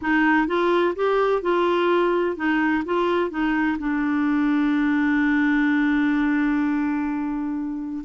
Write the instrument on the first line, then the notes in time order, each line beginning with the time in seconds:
clarinet
0.01 D#4
0.47 F4
0.95 G4
1.42 F4
2.36 D#4
2.85 F4
3.30 D#4
3.78 D4